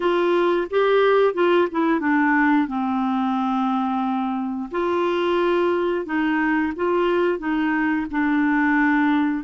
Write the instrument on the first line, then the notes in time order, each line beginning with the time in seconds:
clarinet
0.00 F4
0.70 G4
1.34 F4
1.71 E4
2.00 D4
2.67 C4
4.71 F4
6.05 D#4
6.75 F4
7.39 D#4
8.10 D4